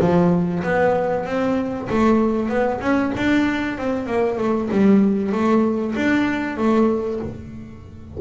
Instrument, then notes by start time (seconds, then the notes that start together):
double bass
0.00 F3
0.63 B3
1.25 C4
1.89 A3
2.49 B3
2.80 C#4
3.16 D4
3.77 C4
4.07 A#3
4.38 A3
4.71 G3
5.32 A3
5.95 D4
6.57 A3